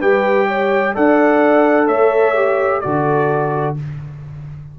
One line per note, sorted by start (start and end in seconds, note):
0.00 0.95 G3
0.00 0.95 G4
0.00 0.47 B4
0.00 0.95 G5
0.47 0.94 C#5
0.95 1.88 D4
0.95 2.35 A4
0.95 1.87 D5
0.95 1.88 F#5
1.87 2.82 A3
1.87 2.81 C#5
1.87 2.81 E5
2.35 2.82 G4
2.81 3.79 D3
2.81 3.77 F#4
2.81 3.78 A4
2.81 3.75 D5